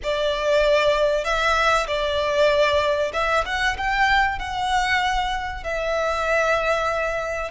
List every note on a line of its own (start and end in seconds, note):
0.03 1.24 D5
1.24 1.86 E5
1.87 3.12 D5
3.13 3.44 E5
3.45 3.76 F#5
3.77 4.39 G5
4.39 5.63 F#5
5.63 7.51 E5